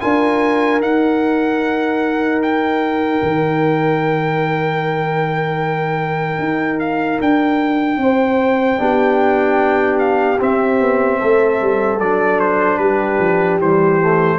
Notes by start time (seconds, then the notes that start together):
0.00 D4 F4 A#4 G#5
0.80 D#4 F#5
2.42 G5
3.22 D#3
6.38 D#4
6.79 F5
7.20 D4 G5
7.97 C4 C5
8.77 B3 D4 G4
9.99 F5
10.39 C4 E5
10.80 B3
11.19 A3 A4
11.61 G3
11.99 F#3 D4 D5
12.40 C5
12.78 G3 G4 B4
13.19 F3
13.59 E3 G3 C5
14.01 A3